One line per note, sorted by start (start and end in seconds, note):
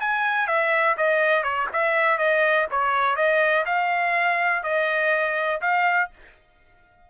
0.00 0.47 G#5
0.47 0.96 E5
0.97 1.43 D#5
1.43 1.67 C#5
1.73 2.18 E5
2.18 2.67 D#5
2.71 3.16 C#5
3.16 3.65 D#5
3.66 4.63 F5
4.63 5.61 D#5
5.61 6.10 F5